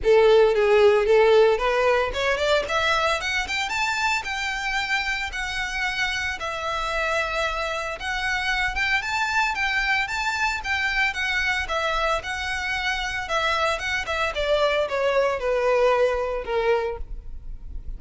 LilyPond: \new Staff \with { instrumentName = "violin" } { \time 4/4 \tempo 4 = 113 a'4 gis'4 a'4 b'4 | cis''8 d''8 e''4 fis''8 g''8 a''4 | g''2 fis''2 | e''2. fis''4~ |
fis''8 g''8 a''4 g''4 a''4 | g''4 fis''4 e''4 fis''4~ | fis''4 e''4 fis''8 e''8 d''4 | cis''4 b'2 ais'4 | }